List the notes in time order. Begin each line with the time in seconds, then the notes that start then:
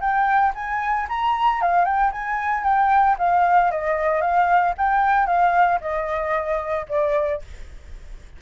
0.00 G5
0.54 G#5
1.08 A#5
1.61 F5
1.85 G5
2.12 G#5
2.63 G5
3.18 F5
3.71 D#5
4.21 F5
4.77 G5
5.26 F5
5.80 D#5
6.89 D5